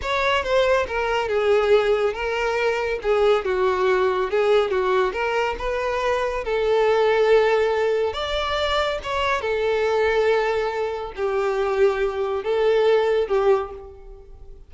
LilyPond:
\new Staff \with { instrumentName = "violin" } { \time 4/4 \tempo 4 = 140 cis''4 c''4 ais'4 gis'4~ | gis'4 ais'2 gis'4 | fis'2 gis'4 fis'4 | ais'4 b'2 a'4~ |
a'2. d''4~ | d''4 cis''4 a'2~ | a'2 g'2~ | g'4 a'2 g'4 | }